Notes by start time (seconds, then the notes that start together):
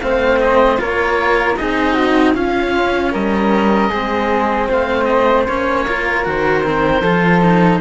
0.00 A3 C4 C5 F5
0.40 D#5
0.76 A#3 F4 A#4 C#5
1.56 C4 D#4 G#4 D#5
1.93 F#4
2.34 C#4 F4 F5
3.12 G3 A#4 D#5
3.89 G#3 C4 G#4
4.68 A3 C5 F5
5.04 D#5
5.47 A#3 C#4 C#5
5.87 F4 A#4
6.24 D#3 F#4 C5
6.63 C4
7.01 F3 F4 A4
7.41 D#4